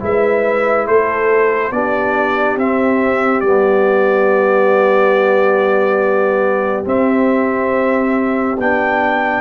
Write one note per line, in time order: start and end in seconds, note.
0.00 0.87 G#3
0.00 1.71 E4
0.00 0.87 B4
0.00 0.87 E5
0.87 1.71 A3
0.87 1.73 A4
0.87 1.72 C5
1.71 2.57 B3
1.71 2.59 D4
1.71 9.41 G4
1.71 2.58 D5
2.57 3.42 C4
2.57 3.43 C4
2.57 3.41 E5
3.41 6.85 G3
3.41 6.86 B3
3.41 6.83 D5
6.86 8.57 C4
6.86 8.60 E5
8.58 9.41 B3
8.58 9.41 D4
8.58 9.41 G5